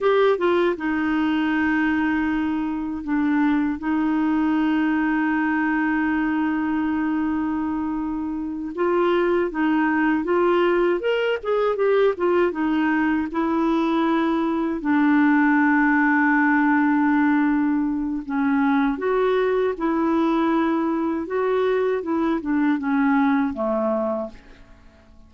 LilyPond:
\new Staff \with { instrumentName = "clarinet" } { \time 4/4 \tempo 4 = 79 g'8 f'8 dis'2. | d'4 dis'2.~ | dis'2.~ dis'8 f'8~ | f'8 dis'4 f'4 ais'8 gis'8 g'8 |
f'8 dis'4 e'2 d'8~ | d'1 | cis'4 fis'4 e'2 | fis'4 e'8 d'8 cis'4 a4 | }